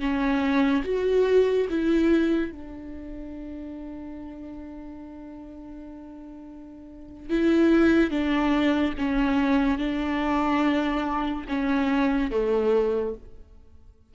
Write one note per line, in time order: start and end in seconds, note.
0.00 0.83 C#4
0.84 1.68 F#4
1.70 2.52 E4
2.52 7.30 D4
7.30 8.11 E4
8.11 8.94 D4
8.98 9.79 C#4
9.79 11.45 D4
11.48 12.31 C#4
12.31 13.15 A3